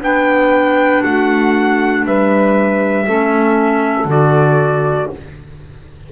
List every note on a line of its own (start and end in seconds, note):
0.00 1.02 B3
0.00 3.05 D4
0.00 1.04 B4
0.00 1.03 G5
1.03 2.05 A3
1.03 2.05 F#4
1.03 2.05 F#5
2.05 3.07 G3
2.05 3.06 B4
2.05 4.10 E5
3.06 4.05 A3
3.06 4.08 C#4
3.06 5.09 A4
4.05 5.06 D3
4.05 5.10 F#4
4.05 5.11 D5